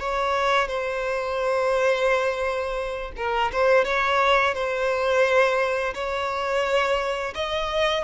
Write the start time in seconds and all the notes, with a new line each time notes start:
0.00 C#5
0.68 C5
3.17 A#4
3.52 C5
3.85 C#5
4.55 C5
5.95 C#5
7.35 D#5